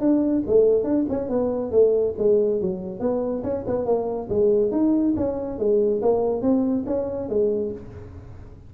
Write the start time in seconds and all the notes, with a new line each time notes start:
0.00 D4
0.47 A3
0.84 D4
1.09 C#4
1.29 B3
1.72 A3
2.18 G#3
2.61 F#3
3.00 B3
3.43 C#4
3.66 B3
3.86 A#3
4.29 G#3
4.71 D#4
5.16 C#4
5.59 G#3
6.02 A#3
6.42 C4
6.86 C#4
7.29 G#3